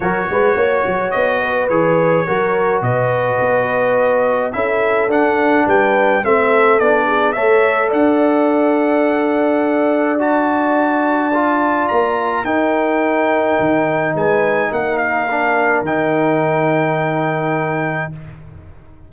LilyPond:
<<
  \new Staff \with { instrumentName = "trumpet" } { \time 4/4 \tempo 4 = 106 cis''2 dis''4 cis''4~ | cis''4 dis''2. | e''4 fis''4 g''4 e''4 | d''4 e''4 fis''2~ |
fis''2 a''2~ | a''4 ais''4 g''2~ | g''4 gis''4 fis''8 f''4. | g''1 | }
  \new Staff \with { instrumentName = "horn" } { \time 4/4 ais'8 b'8 cis''4. b'4. | ais'4 b'2. | a'2 b'4 a'4~ | a'8 gis'8 cis''4 d''2~ |
d''1~ | d''2 ais'2~ | ais'4 b'4 ais'2~ | ais'1 | }
  \new Staff \with { instrumentName = "trombone" } { \time 4/4 fis'2. gis'4 | fis'1 | e'4 d'2 c'4 | d'4 a'2.~ |
a'2 fis'2 | f'2 dis'2~ | dis'2. d'4 | dis'1 | }
  \new Staff \with { instrumentName = "tuba" } { \time 4/4 fis8 gis8 ais8 fis8 b4 e4 | fis4 b,4 b2 | cis'4 d'4 g4 a4 | b4 a4 d'2~ |
d'1~ | d'4 ais4 dis'2 | dis4 gis4 ais2 | dis1 | }
>>